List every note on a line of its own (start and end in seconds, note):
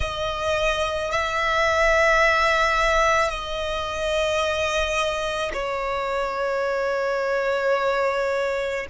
0.00 1.11 D#5
1.11 3.29 E5
3.29 5.52 D#5
5.53 8.86 C#5